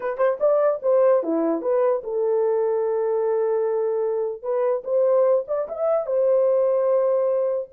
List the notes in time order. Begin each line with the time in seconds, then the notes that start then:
0.00 B4
0.17 C5
0.39 D5
0.82 C5
1.23 E4
1.61 B4
2.03 A4
4.42 B4
4.84 C5
5.47 D5
5.68 E5
6.06 C5